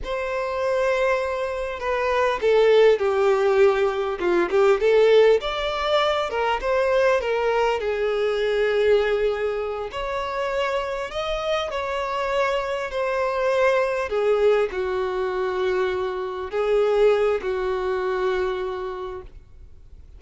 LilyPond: \new Staff \with { instrumentName = "violin" } { \time 4/4 \tempo 4 = 100 c''2. b'4 | a'4 g'2 f'8 g'8 | a'4 d''4. ais'8 c''4 | ais'4 gis'2.~ |
gis'8 cis''2 dis''4 cis''8~ | cis''4. c''2 gis'8~ | gis'8 fis'2. gis'8~ | gis'4 fis'2. | }